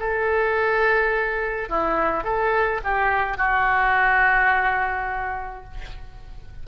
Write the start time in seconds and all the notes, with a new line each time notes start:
0.00 A4
1.70 E4
2.24 A4
2.85 G4
3.38 F#4